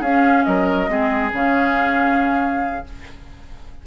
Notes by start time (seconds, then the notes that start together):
0.00 C#4 G#4 F5
0.44 F#3 A#4 D#5
0.88 G#3 C4 G#4
1.33 C#3 C#4 F5